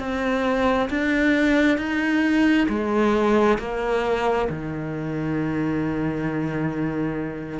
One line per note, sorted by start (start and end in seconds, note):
0.00 0.90 C4
0.90 1.78 D4
1.78 2.68 D#4
2.69 3.59 G#3
3.59 4.49 A#3
4.50 7.60 D#3